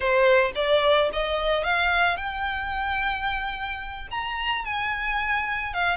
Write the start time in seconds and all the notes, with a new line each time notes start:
0.00 C5
0.55 D5
1.13 D#5
1.64 F5
2.16 G5
4.11 A#5
4.64 G#5
5.73 F5